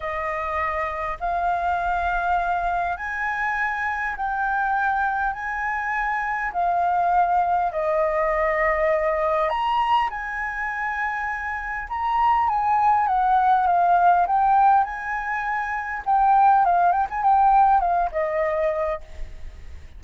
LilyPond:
\new Staff \with { instrumentName = "flute" } { \time 4/4 \tempo 4 = 101 dis''2 f''2~ | f''4 gis''2 g''4~ | g''4 gis''2 f''4~ | f''4 dis''2. |
ais''4 gis''2. | ais''4 gis''4 fis''4 f''4 | g''4 gis''2 g''4 | f''8 g''16 gis''16 g''4 f''8 dis''4. | }